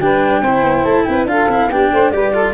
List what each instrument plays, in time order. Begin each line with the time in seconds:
0.00 tuba G3, cello D4, saxophone B4, flute G5
0.41 tuba C4, cello E4, saxophone C5
0.63 tuba B3
0.84 tuba A3, flute A5
1.04 tuba C4, saxophone B4, flute G5
1.25 tuba D4, cello F4, saxophone A4, flute F5
1.48 tuba C4, cello E4
1.69 tuba B3, cello D4, saxophone G4, flute G5
1.92 tuba A3, saxophone C5
2.11 tuba G3, cello G4, saxophone B4, flute D5
2.33 cello F4, saxophone A4